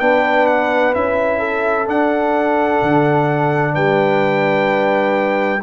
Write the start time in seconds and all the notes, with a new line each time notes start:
0.00 B3 D4 B4 G5
0.47 F#5
0.94 C#4 E4 E5
1.39 A4
1.85 D4 F#5
2.83 D3
3.74 G3 B4 G5